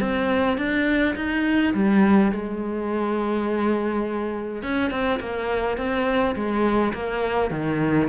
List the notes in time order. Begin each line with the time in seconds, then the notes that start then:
0.00 C4
0.57 D4
1.15 D#4
1.74 G3
2.31 G#3
4.62 C#4
4.90 C4
5.19 A#3
5.77 C4
6.35 G#3
6.93 A#3
7.50 D#3